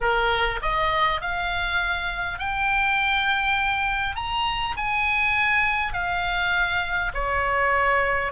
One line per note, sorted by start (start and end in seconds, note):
0.00 0.60 A#4
0.62 1.21 D#5
1.21 2.38 F5
2.38 4.15 G5
4.15 4.75 A#5
4.77 5.93 G#5
5.93 7.12 F5
7.13 8.32 C#5